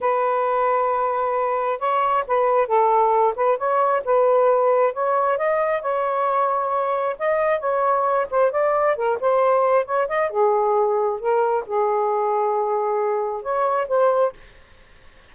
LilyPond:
\new Staff \with { instrumentName = "saxophone" } { \time 4/4 \tempo 4 = 134 b'1 | cis''4 b'4 a'4. b'8 | cis''4 b'2 cis''4 | dis''4 cis''2. |
dis''4 cis''4. c''8 d''4 | ais'8 c''4. cis''8 dis''8 gis'4~ | gis'4 ais'4 gis'2~ | gis'2 cis''4 c''4 | }